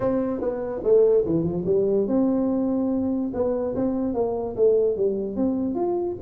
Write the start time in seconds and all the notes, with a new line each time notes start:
0.00 C4
0.40 B3
0.83 A3
1.25 E3
1.43 F3
1.65 G3
2.07 C4
3.33 B3
3.75 C4
4.14 A#3
4.56 A3
4.96 G3
5.36 C4
5.74 F4